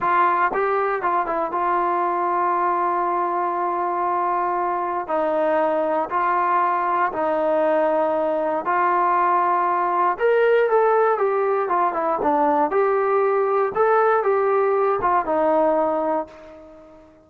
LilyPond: \new Staff \with { instrumentName = "trombone" } { \time 4/4 \tempo 4 = 118 f'4 g'4 f'8 e'8 f'4~ | f'1~ | f'2 dis'2 | f'2 dis'2~ |
dis'4 f'2. | ais'4 a'4 g'4 f'8 e'8 | d'4 g'2 a'4 | g'4. f'8 dis'2 | }